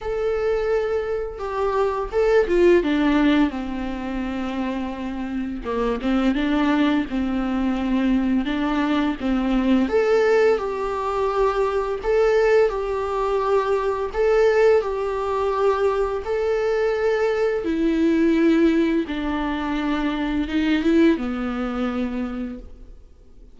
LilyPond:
\new Staff \with { instrumentName = "viola" } { \time 4/4 \tempo 4 = 85 a'2 g'4 a'8 f'8 | d'4 c'2. | ais8 c'8 d'4 c'2 | d'4 c'4 a'4 g'4~ |
g'4 a'4 g'2 | a'4 g'2 a'4~ | a'4 e'2 d'4~ | d'4 dis'8 e'8 b2 | }